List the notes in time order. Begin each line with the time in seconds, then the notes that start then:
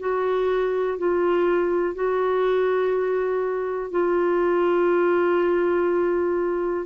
0.00 F#4
0.98 F4
1.95 F#4
3.91 F4